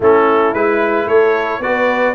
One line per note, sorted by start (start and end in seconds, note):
0.00 0.53 A3
0.00 0.55 C#4
0.00 1.07 E4
0.00 0.54 A4
0.53 1.06 G#3
0.53 1.62 E4
0.53 1.08 B4
1.06 1.59 A3
1.06 1.61 A4
1.06 1.62 C#5
1.59 2.13 B3
1.59 2.15 F#4
1.59 2.15 B4
1.59 2.15 D5